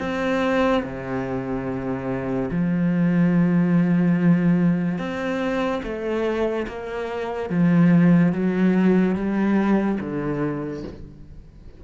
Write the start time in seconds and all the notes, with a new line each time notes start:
0.00 C4
0.83 C3
2.51 F3
4.98 C4
5.83 A3
6.68 A#3
7.50 F3
8.33 F#3
9.16 G3
10.01 D3